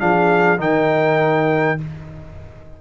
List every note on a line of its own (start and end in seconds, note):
0.00 0.58 F3
0.00 0.58 D4
0.00 0.60 G#4
0.00 0.60 F5
0.58 1.79 D#3
0.58 1.78 D#4
0.58 1.80 A#4
0.58 1.81 G5